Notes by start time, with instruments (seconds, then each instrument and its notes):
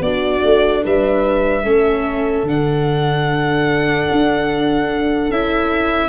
0.00 tuba B3, viola D4, horn F#4, violin D5
0.43 tuba A3
0.83 tuba G3, horn B4, violin E5
1.64 tuba A3, viola C#4, horn A4
2.43 tuba D3, viola D4, violin F#5
4.11 tuba D4
5.29 tuba C#4, viola E4, violin E5